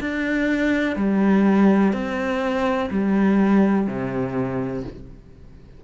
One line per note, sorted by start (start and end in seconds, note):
0.00 0.96 D4
0.96 1.93 G3
1.93 2.89 C4
2.90 3.87 G3
3.87 4.83 C3